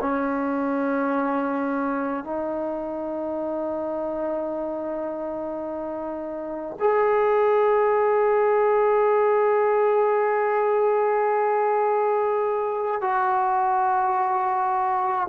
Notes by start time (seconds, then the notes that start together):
0.00 C#4
2.24 D#4
6.79 G#4
13.01 F#4